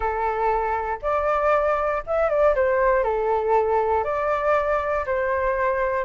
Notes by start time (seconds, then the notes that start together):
0.00 A4
1.02 D5
2.06 E5
2.29 D5
2.55 C5
3.03 A4
4.04 D5
5.06 C5